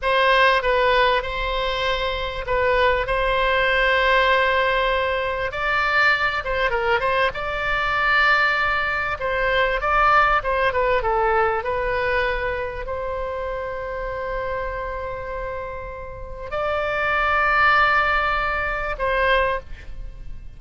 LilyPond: \new Staff \with { instrumentName = "oboe" } { \time 4/4 \tempo 4 = 98 c''4 b'4 c''2 | b'4 c''2.~ | c''4 d''4. c''8 ais'8 c''8 | d''2. c''4 |
d''4 c''8 b'8 a'4 b'4~ | b'4 c''2.~ | c''2. d''4~ | d''2. c''4 | }